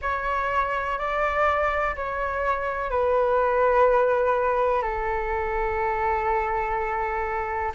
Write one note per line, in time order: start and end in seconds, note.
0.01 0.98 C#5
0.98 1.95 D5
1.95 2.90 C#5
2.90 4.82 B4
4.82 7.72 A4